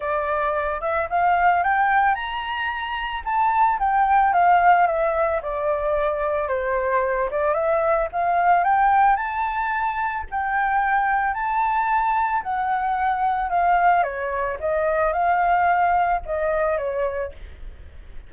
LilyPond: \new Staff \with { instrumentName = "flute" } { \time 4/4 \tempo 4 = 111 d''4. e''8 f''4 g''4 | ais''2 a''4 g''4 | f''4 e''4 d''2 | c''4. d''8 e''4 f''4 |
g''4 a''2 g''4~ | g''4 a''2 fis''4~ | fis''4 f''4 cis''4 dis''4 | f''2 dis''4 cis''4 | }